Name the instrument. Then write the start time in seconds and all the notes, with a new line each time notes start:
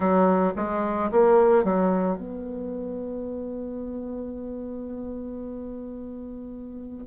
bassoon
0.00 F#3
0.56 G#3
1.11 A#3
1.64 F#3
2.17 B3